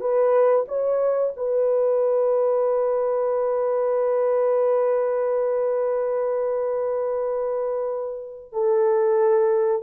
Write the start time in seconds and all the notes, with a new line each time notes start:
0.00 B4
0.68 C#5
1.36 B4
8.52 A4